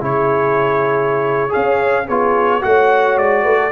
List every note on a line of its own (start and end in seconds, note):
0.00 1.53 C#3
0.00 1.49 E4
0.00 1.51 G#4
0.00 1.53 C#5
1.49 2.04 G#4
1.49 2.06 C#5
1.49 2.08 F5
1.56 2.08 C#4
2.06 2.64 B3
2.06 2.61 F4
2.06 2.61 G#4
2.06 2.63 C#5
2.61 3.17 A3
2.61 3.71 F#4
2.61 3.42 C#5
2.61 3.18 F#5
3.17 3.44 G#3
3.17 3.72 D5
3.42 3.71 A3
3.42 3.56 B4
3.58 3.72 A4